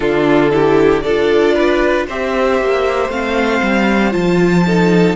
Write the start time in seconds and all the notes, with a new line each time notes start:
0.00 D3 D4 F4 A4
0.50 E4 G4
1.01 D4 F4 A4 D5
1.54 B4
2.07 C4 G4 C5 E5
2.61 A#3
3.09 A3 C4 F5
3.61 G3
4.11 F3 F4 A5
4.66 D#4 A4